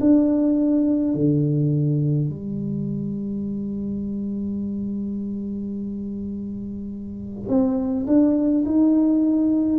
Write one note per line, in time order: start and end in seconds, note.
0.00 1.14 D4
1.14 2.30 D3
2.30 7.49 G3
7.49 8.07 C4
8.07 8.65 D4
8.65 9.79 D#4